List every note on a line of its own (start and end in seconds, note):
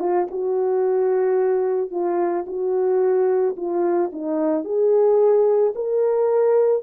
0.00 0.27 F4
0.31 1.91 F#4
1.91 2.45 F4
2.47 3.56 F#4
3.57 4.11 F4
4.13 4.65 D#4
4.65 5.74 G#4
5.75 6.83 A#4